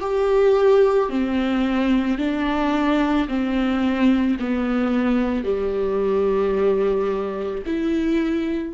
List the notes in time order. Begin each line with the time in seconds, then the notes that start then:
0.00 G4
1.09 C4
2.18 D4
3.28 C4
4.39 B3
5.44 G3
7.66 E4